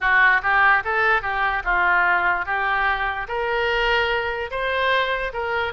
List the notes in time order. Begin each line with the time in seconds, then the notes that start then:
0.00 F#4
0.42 G4
0.84 A4
1.22 G4
1.64 F4
2.45 G4
3.27 A#4
4.50 C5
5.33 A#4